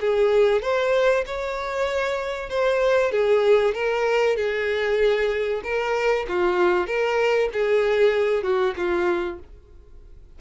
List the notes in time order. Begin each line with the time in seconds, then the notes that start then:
0.00 G#4
0.61 C5
1.26 C#5
2.49 C5
3.11 G#4
3.74 A#4
4.36 G#4
5.63 A#4
6.28 F4
6.86 A#4
7.52 G#4
8.43 F#4
8.76 F4